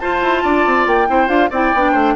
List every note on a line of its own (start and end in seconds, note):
0.00 1.08 F4
0.00 0.22 F4
0.00 0.43 C5
0.00 0.86 A5
0.22 0.44 E4
0.43 0.66 D4
0.43 1.08 D5
0.66 0.87 C4
0.87 1.08 A#3
0.87 1.29 G5
1.08 1.29 C4
1.08 1.27 E4
1.08 1.50 C5
1.27 1.50 D4
1.27 1.49 F4
1.27 1.50 F5
1.50 1.73 C4
1.50 1.75 E4
1.50 1.92 D5
1.50 2.16 G5
1.74 1.94 B3
1.74 2.16 D4
1.92 2.16 A3
1.92 2.14 C5